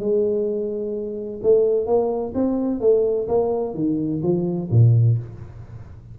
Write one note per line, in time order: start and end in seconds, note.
0.00 1.41 G#3
1.43 1.87 A3
1.87 2.34 A#3
2.35 2.81 C4
2.81 3.28 A3
3.28 3.75 A#3
3.75 4.22 D#3
4.23 4.70 F3
4.72 5.18 A#2